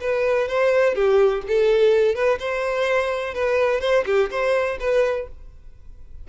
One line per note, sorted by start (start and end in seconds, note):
0.00 0.48 B4
0.48 0.95 C5
0.95 1.42 G4
1.47 2.15 A4
2.15 2.38 B4
2.39 3.34 C5
3.34 3.81 B4
3.81 4.04 C5
4.06 4.29 G4
4.31 4.78 C5
4.79 5.27 B4